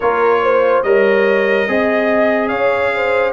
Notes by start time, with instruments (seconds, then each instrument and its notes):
0.00 tuba A#3, trombone F4, horn A#4, trumpet C#5
0.43 horn C5
0.82 tuba G3, trombone A#4, horn C#5, trumpet D#5
1.68 tuba C4, trombone G#4, horn D#5
2.48 tuba C#4, horn C#5, trumpet F5
2.94 horn C5